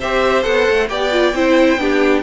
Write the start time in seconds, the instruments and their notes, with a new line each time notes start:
0.00 cello C4, viola G4, violin C5 E5
0.44 cello B3, viola A4, violin F#5
0.71 cello A3
0.89 cello B3, viola G4, violin D5 G5
1.12 viola F4
1.34 cello C4, viola E4, violin C5
1.78 cello B3, viola D4, violin G4